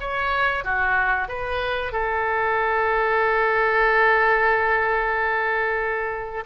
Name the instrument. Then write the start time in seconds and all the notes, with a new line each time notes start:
oboe
0.00 C#5
0.64 F#4
1.28 B4
1.92 A4